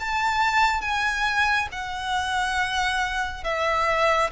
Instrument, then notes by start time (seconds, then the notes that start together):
violin
0.00 A5
0.81 G#5
1.72 F#5
3.44 E5